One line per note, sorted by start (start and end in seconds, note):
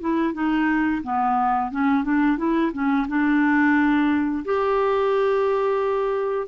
0.00 0.33 E4
0.33 1.02 D#4
1.03 1.71 B3
1.71 2.04 C#4
2.04 2.37 D4
2.37 2.71 E4
2.72 3.07 C#4
3.08 4.44 D4
4.44 6.47 G4